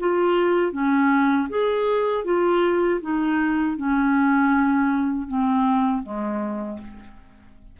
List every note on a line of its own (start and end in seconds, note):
0.00 0.72 F4
0.72 1.48 C#4
1.49 2.25 G#4
2.25 3.01 F4
3.02 3.77 D#4
3.77 5.28 C#4
5.28 6.03 C4
6.03 6.79 G#3